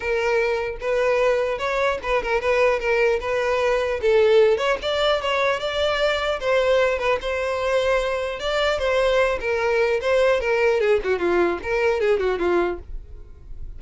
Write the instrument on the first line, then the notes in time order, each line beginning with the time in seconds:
violin
0.00 A#4
0.80 B4
1.58 C#5
2.02 B4
2.23 A#4
2.40 B4
2.79 A#4
3.20 B4
4.01 A4
4.57 C#5
4.82 D5
5.21 C#5
5.59 D5
6.40 C5
6.98 B4
7.21 C5
8.39 D5
8.78 C5
9.40 A#4
10.01 C5
10.40 A#4
10.80 G#4
11.04 F#4
11.18 F4
11.62 A#4
12.00 G#4
12.19 F#4
12.38 F4